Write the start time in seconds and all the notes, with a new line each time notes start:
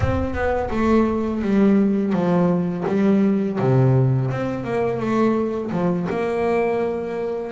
0.00 C4
0.33 B3
0.70 A3
1.42 G3
2.12 F3
2.87 G3
3.58 C3
4.30 C4
4.64 A#3
4.99 A3
5.71 F3
6.09 A#3